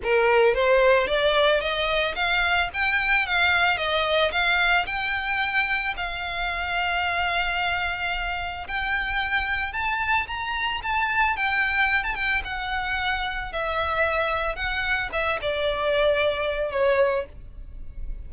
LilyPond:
\new Staff \with { instrumentName = "violin" } { \time 4/4 \tempo 4 = 111 ais'4 c''4 d''4 dis''4 | f''4 g''4 f''4 dis''4 | f''4 g''2 f''4~ | f''1 |
g''2 a''4 ais''4 | a''4 g''4~ g''16 a''16 g''8 fis''4~ | fis''4 e''2 fis''4 | e''8 d''2~ d''8 cis''4 | }